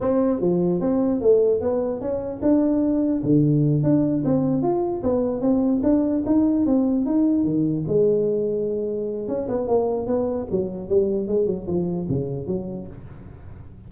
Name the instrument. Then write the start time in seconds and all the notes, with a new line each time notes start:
tuba
0.00 C4
0.40 F3
0.80 C4
1.20 A3
1.60 B3
2.00 C#4
2.42 D4
3.23 D3
3.83 D4
4.24 C4
4.62 F4
5.03 B3
5.41 C4
5.83 D4
6.26 D#4
6.66 C4
7.05 D#4
7.44 D#3
7.87 G#3
9.28 C#4
9.48 B3
9.67 A#3
10.07 B3
10.50 F#3
10.88 G3
11.27 G#3
11.46 F#3
11.67 F3
12.08 C#3
12.46 F#3